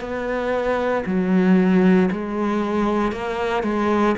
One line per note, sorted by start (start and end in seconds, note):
0.00 1.03 B3
1.06 2.10 F#3
2.11 3.12 G#3
3.12 3.63 A#3
3.63 4.15 G#3